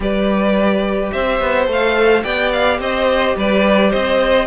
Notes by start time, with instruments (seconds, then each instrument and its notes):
0.00 cello G3, viola G4, violin B4 D5
1.11 cello C4, violin C5 E5
1.40 cello B3
1.66 cello A3, viola A4, violin F5
2.23 cello B3, viola G4, violin D5 G5
2.52 violin F5
2.79 cello C4, violin C5 D#5
3.36 cello G3, violin B4 D5
3.90 cello C4, violin C5 D#5